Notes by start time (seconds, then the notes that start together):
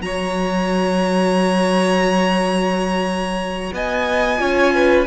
0.00 F#3 F#4 C#5 A#5
3.72 B3 D#5 G#5
4.38 C#4 F4 C#5
4.74 B4